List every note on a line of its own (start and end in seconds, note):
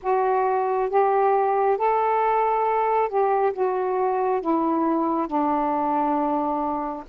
0.02 0.89 F#4
0.89 1.77 G4
1.77 3.08 A4
3.08 3.53 G4
3.53 4.41 F#4
4.41 5.27 E4
5.27 7.03 D4